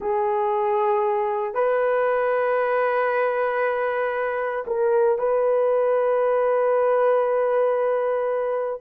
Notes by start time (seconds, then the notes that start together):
0.00 G#4
1.54 B4
4.66 A#4
5.18 B4